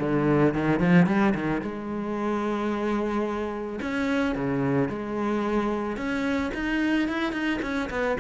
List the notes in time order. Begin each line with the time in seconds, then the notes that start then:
0.00 D3
0.54 D#3
0.80 F3
1.07 G3
1.35 D#3
1.62 G#3
3.82 C#4
4.36 C#3
4.89 G#3
5.97 C#4
6.54 D#4
7.09 E4
7.33 D#4
7.62 C#4
7.90 B3